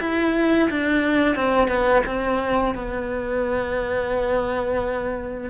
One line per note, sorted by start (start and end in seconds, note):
0.00 0.69 E4
0.70 1.35 D4
1.35 1.68 C4
1.68 2.02 B3
2.06 2.75 C4
2.75 5.50 B3